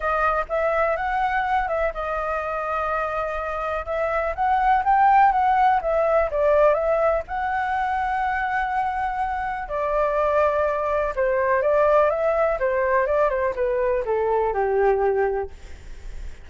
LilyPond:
\new Staff \with { instrumentName = "flute" } { \time 4/4 \tempo 4 = 124 dis''4 e''4 fis''4. e''8 | dis''1 | e''4 fis''4 g''4 fis''4 | e''4 d''4 e''4 fis''4~ |
fis''1 | d''2. c''4 | d''4 e''4 c''4 d''8 c''8 | b'4 a'4 g'2 | }